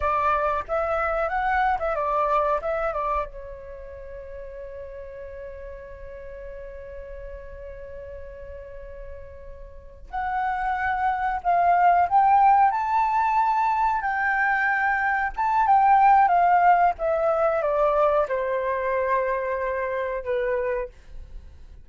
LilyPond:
\new Staff \with { instrumentName = "flute" } { \time 4/4 \tempo 4 = 92 d''4 e''4 fis''8. e''16 d''4 | e''8 d''8 cis''2.~ | cis''1~ | cis''2.~ cis''8 fis''8~ |
fis''4. f''4 g''4 a''8~ | a''4. g''2 a''8 | g''4 f''4 e''4 d''4 | c''2. b'4 | }